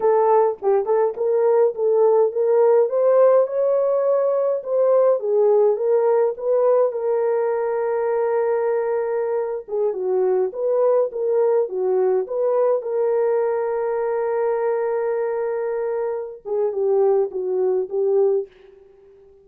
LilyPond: \new Staff \with { instrumentName = "horn" } { \time 4/4 \tempo 4 = 104 a'4 g'8 a'8 ais'4 a'4 | ais'4 c''4 cis''2 | c''4 gis'4 ais'4 b'4 | ais'1~ |
ais'8. gis'8 fis'4 b'4 ais'8.~ | ais'16 fis'4 b'4 ais'4.~ ais'16~ | ais'1~ | ais'8 gis'8 g'4 fis'4 g'4 | }